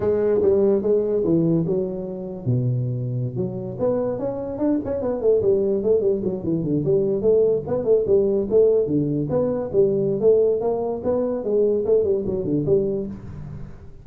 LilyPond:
\new Staff \with { instrumentName = "tuba" } { \time 4/4 \tempo 4 = 147 gis4 g4 gis4 e4 | fis2 b,2~ | b,16 fis4 b4 cis'4 d'8 cis'16~ | cis'16 b8 a8 g4 a8 g8 fis8 e16~ |
e16 d8 g4 a4 b8 a8 g16~ | g8. a4 d4 b4 g16~ | g4 a4 ais4 b4 | gis4 a8 g8 fis8 d8 g4 | }